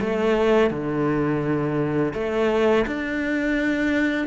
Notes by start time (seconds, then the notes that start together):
0.00 A3
0.71 D3
2.14 A3
2.87 D4